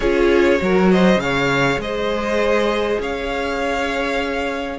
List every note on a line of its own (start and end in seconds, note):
0.00 0.60 C#4
0.00 0.58 F4
0.00 0.60 G#4
0.00 0.90 C#5
0.58 1.16 F#3
0.58 1.18 F#4
0.58 0.92 A#4
0.91 1.22 C5
0.91 1.20 D#5
1.16 1.76 C#3
1.16 4.78 G#4
1.16 1.79 F5
1.22 1.81 C#5
1.78 2.98 G#3
1.78 3.01 C5
1.78 3.01 D#5
2.99 4.78 C#4
2.99 4.78 C#5
2.99 4.78 F5